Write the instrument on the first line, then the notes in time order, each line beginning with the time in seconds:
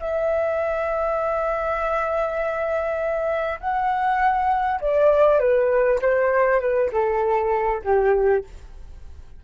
flute
0.00 E5
3.61 F#5
4.81 D5
5.40 B4
6.02 C5
6.61 B4
6.92 A4
7.84 G4